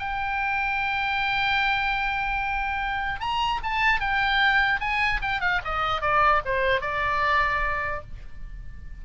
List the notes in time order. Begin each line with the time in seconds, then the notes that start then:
0.00 G5
3.21 A#5
3.64 A5
4.00 G5
4.81 G#5
5.22 G5
5.41 F5
5.65 D#5
6.02 D5
6.46 C5
6.81 D5